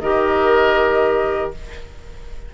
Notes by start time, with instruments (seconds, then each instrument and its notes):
0.00 bassoon D#3, clarinet G4, oboe A#4, flute D#5